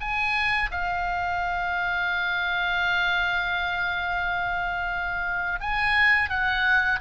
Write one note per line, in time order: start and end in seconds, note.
0.00 0.70 G#5
0.71 5.59 F5
5.60 6.29 G#5
6.29 6.99 F#5